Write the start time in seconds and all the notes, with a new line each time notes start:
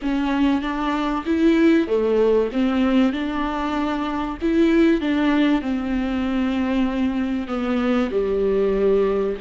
0.02 C#4
0.61 D4
1.25 E4
1.87 A3
2.52 C4
3.12 D4
4.41 E4
5.00 D4
5.61 C4
7.47 B3
8.11 G3